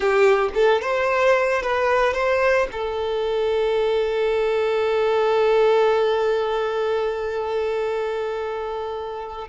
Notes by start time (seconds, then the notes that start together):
0.00 G4
0.54 A4
0.81 C5
1.62 B4
2.13 C5
2.72 A4